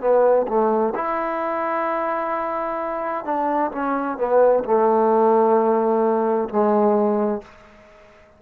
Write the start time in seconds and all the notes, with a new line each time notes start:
0.00 B3
0.47 A3
0.94 E4
3.25 D4
3.71 C#4
4.17 B3
4.64 A3
6.49 G#3